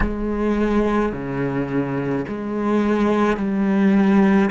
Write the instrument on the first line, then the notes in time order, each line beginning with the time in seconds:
cello
0.00 G#3
1.12 C#3
2.27 G#3
3.37 G3